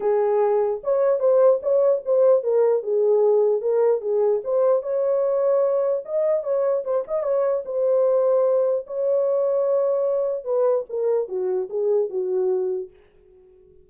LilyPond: \new Staff \with { instrumentName = "horn" } { \time 4/4 \tempo 4 = 149 gis'2 cis''4 c''4 | cis''4 c''4 ais'4 gis'4~ | gis'4 ais'4 gis'4 c''4 | cis''2. dis''4 |
cis''4 c''8 dis''8 cis''4 c''4~ | c''2 cis''2~ | cis''2 b'4 ais'4 | fis'4 gis'4 fis'2 | }